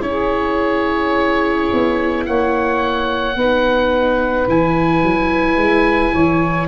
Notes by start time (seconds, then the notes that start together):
0.00 C#4 E4 C#5
0.08 G#4
1.72 B3
2.26 A#3 C#5 F#5
3.35 B3 D#4 B4
4.48 E3 E4 G#5
5.03 F#3
5.57 G#3
6.13 E3 C#5